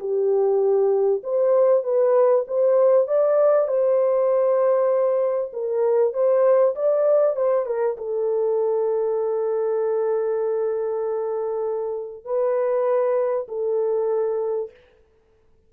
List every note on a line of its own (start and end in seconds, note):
0.00 1.22 G4
1.24 1.84 C5
1.84 2.45 B4
2.48 3.08 C5
3.08 3.68 D5
3.68 5.52 C5
5.54 6.14 A#4
6.14 6.75 C5
6.76 7.37 D5
7.37 7.66 C5
7.66 7.97 A#4
7.98 12.25 A4
12.25 13.47 B4
13.49 14.71 A4